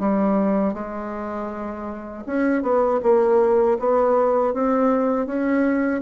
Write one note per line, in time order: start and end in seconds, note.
0.00 0.74 G3
0.74 2.24 G#3
2.27 2.62 C#4
2.62 3.00 B3
3.03 3.78 A#3
3.79 4.54 B3
4.54 5.27 C4
5.27 6.02 C#4